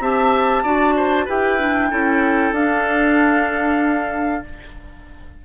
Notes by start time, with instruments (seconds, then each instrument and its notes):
0.00 bassoon C4, clarinet G4, oboe E5, flute A5
0.63 bassoon D4, clarinet F#4, oboe D5
0.96 oboe C5
1.25 bassoon E4, clarinet G4, oboe B4, flute G5
1.59 clarinet D4
1.91 bassoon C#4, clarinet E4, oboe A4
2.52 bassoon D4, clarinet D4, flute F5